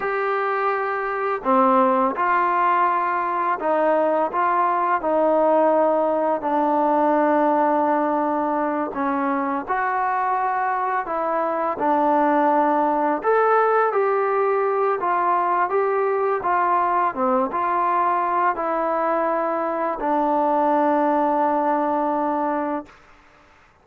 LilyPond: \new Staff \with { instrumentName = "trombone" } { \time 4/4 \tempo 4 = 84 g'2 c'4 f'4~ | f'4 dis'4 f'4 dis'4~ | dis'4 d'2.~ | d'8 cis'4 fis'2 e'8~ |
e'8 d'2 a'4 g'8~ | g'4 f'4 g'4 f'4 | c'8 f'4. e'2 | d'1 | }